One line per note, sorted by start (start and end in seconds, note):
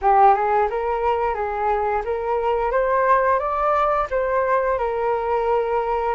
0.01 0.34 G4
0.34 0.68 G#4
0.69 1.34 A#4
1.34 2.02 G#4
2.04 2.71 A#4
2.71 3.39 C5
3.39 4.07 D5
4.10 4.78 C5
4.78 6.14 A#4